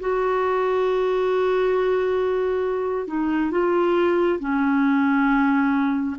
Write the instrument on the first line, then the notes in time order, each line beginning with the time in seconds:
clarinet
0.00 F#4
3.07 D#4
3.51 F4
4.40 C#4